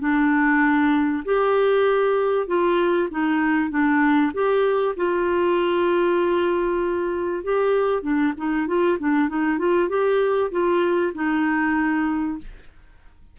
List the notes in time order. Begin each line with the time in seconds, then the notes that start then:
0.00 D4
1.25 G4
2.47 F4
3.11 D#4
3.70 D4
4.34 G4
4.97 F4
7.44 G4
8.03 D4
8.38 D#4
8.67 F4
8.99 D4
9.29 D#4
9.58 F4
9.89 G4
10.51 F4
11.15 D#4